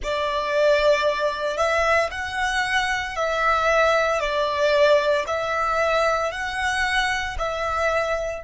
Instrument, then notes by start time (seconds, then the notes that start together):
violin
0.02 D5
1.57 E5
2.11 F#5
3.16 E5
4.20 D5
5.27 E5
6.31 F#5
7.38 E5